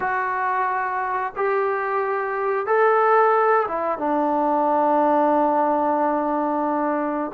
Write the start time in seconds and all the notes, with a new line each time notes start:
0.00 F#4
1.35 G4
2.66 A4
3.68 E4
3.98 D4